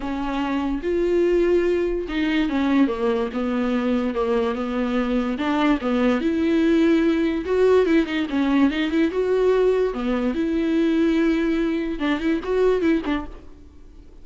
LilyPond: \new Staff \with { instrumentName = "viola" } { \time 4/4 \tempo 4 = 145 cis'2 f'2~ | f'4 dis'4 cis'4 ais4 | b2 ais4 b4~ | b4 d'4 b4 e'4~ |
e'2 fis'4 e'8 dis'8 | cis'4 dis'8 e'8 fis'2 | b4 e'2.~ | e'4 d'8 e'8 fis'4 e'8 d'8 | }